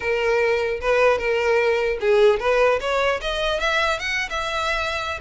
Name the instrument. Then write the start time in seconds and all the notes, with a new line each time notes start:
violin
0.00 A#4
0.81 B4
1.18 A#4
2.00 G#4
2.39 B4
2.80 C#5
3.21 D#5
3.59 E5
3.99 F#5
4.29 E5